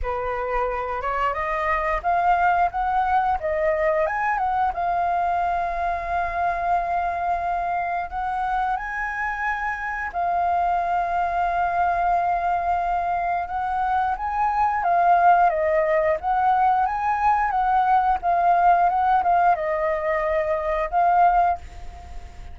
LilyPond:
\new Staff \with { instrumentName = "flute" } { \time 4/4 \tempo 4 = 89 b'4. cis''8 dis''4 f''4 | fis''4 dis''4 gis''8 fis''8 f''4~ | f''1 | fis''4 gis''2 f''4~ |
f''1 | fis''4 gis''4 f''4 dis''4 | fis''4 gis''4 fis''4 f''4 | fis''8 f''8 dis''2 f''4 | }